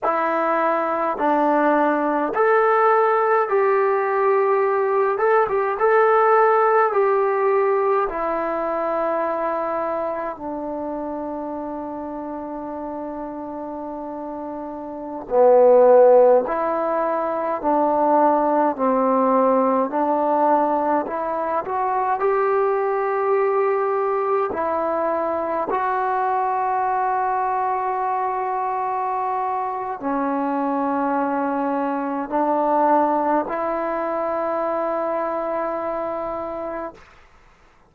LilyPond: \new Staff \with { instrumentName = "trombone" } { \time 4/4 \tempo 4 = 52 e'4 d'4 a'4 g'4~ | g'8 a'16 g'16 a'4 g'4 e'4~ | e'4 d'2.~ | d'4~ d'16 b4 e'4 d'8.~ |
d'16 c'4 d'4 e'8 fis'8 g'8.~ | g'4~ g'16 e'4 fis'4.~ fis'16~ | fis'2 cis'2 | d'4 e'2. | }